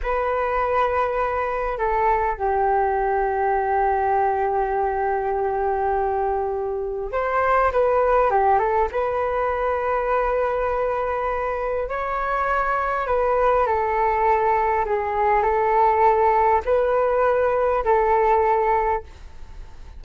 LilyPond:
\new Staff \with { instrumentName = "flute" } { \time 4/4 \tempo 4 = 101 b'2. a'4 | g'1~ | g'1 | c''4 b'4 g'8 a'8 b'4~ |
b'1 | cis''2 b'4 a'4~ | a'4 gis'4 a'2 | b'2 a'2 | }